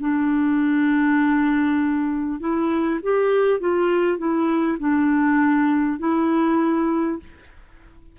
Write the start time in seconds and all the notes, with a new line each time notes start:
0.00 D4
2.39 E4
3.03 G4
3.60 F4
4.18 E4
4.79 D4
5.99 E4